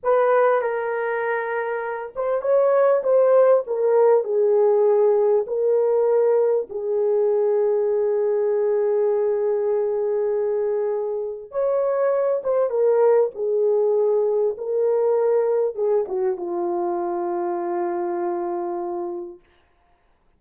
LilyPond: \new Staff \with { instrumentName = "horn" } { \time 4/4 \tempo 4 = 99 b'4 ais'2~ ais'8 c''8 | cis''4 c''4 ais'4 gis'4~ | gis'4 ais'2 gis'4~ | gis'1~ |
gis'2. cis''4~ | cis''8 c''8 ais'4 gis'2 | ais'2 gis'8 fis'8 f'4~ | f'1 | }